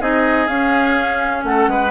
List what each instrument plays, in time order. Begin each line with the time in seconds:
0.00 bassoon C4, clarinet D#4, oboe G#4, flute D#5
0.47 bassoon C#4, clarinet C#4, flute F5
1.43 bassoon A3, oboe A4, flute F#5
1.67 bassoon G#3, oboe B4